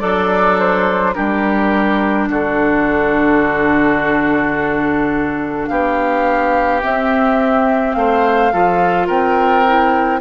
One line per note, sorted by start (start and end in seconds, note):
0.00 1.16 F#3
0.00 1.15 D4
0.00 1.13 A4
0.00 0.57 D5
0.59 1.14 C5
1.14 2.29 G3
1.14 6.81 D4
1.14 2.29 G4
1.14 2.27 A#4
2.29 5.69 D3
2.29 5.70 F#4
2.29 5.68 A4
5.68 6.83 B3
5.68 7.96 G4
5.68 6.81 F5
6.82 8.53 C4
6.82 7.96 C4
6.82 7.93 E5
7.93 8.52 A3
7.93 8.53 C5
7.93 9.06 F5
8.53 9.09 F3
8.53 9.66 F4
8.53 9.07 A4
9.07 10.21 C4
9.07 10.20 A#4
9.07 10.21 G5
9.66 10.21 E4